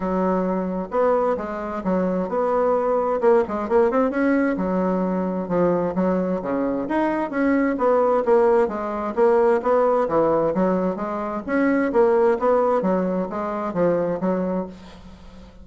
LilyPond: \new Staff \with { instrumentName = "bassoon" } { \time 4/4 \tempo 4 = 131 fis2 b4 gis4 | fis4 b2 ais8 gis8 | ais8 c'8 cis'4 fis2 | f4 fis4 cis4 dis'4 |
cis'4 b4 ais4 gis4 | ais4 b4 e4 fis4 | gis4 cis'4 ais4 b4 | fis4 gis4 f4 fis4 | }